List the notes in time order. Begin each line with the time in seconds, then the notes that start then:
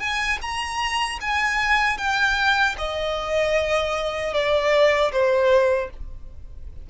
0.00 G#5
0.42 A#5
1.21 G#5
1.98 G5
2.78 D#5
4.34 D5
5.13 C5